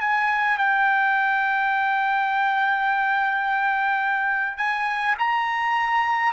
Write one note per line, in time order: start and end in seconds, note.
0.00 0.58 G#5
0.58 4.58 G5
4.58 5.16 G#5
5.19 6.33 A#5